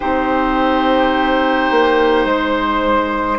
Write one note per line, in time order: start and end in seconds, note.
0.00 1.70 C4
0.00 3.39 D#4
0.00 2.26 G4
0.00 3.38 C5
1.70 2.25 A#3
2.25 3.38 G#3
2.25 3.39 C5